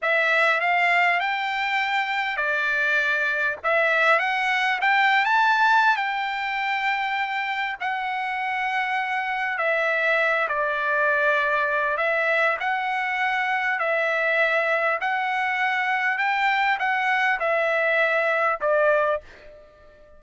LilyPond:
\new Staff \with { instrumentName = "trumpet" } { \time 4/4 \tempo 4 = 100 e''4 f''4 g''2 | d''2 e''4 fis''4 | g''8. a''4~ a''16 g''2~ | g''4 fis''2. |
e''4. d''2~ d''8 | e''4 fis''2 e''4~ | e''4 fis''2 g''4 | fis''4 e''2 d''4 | }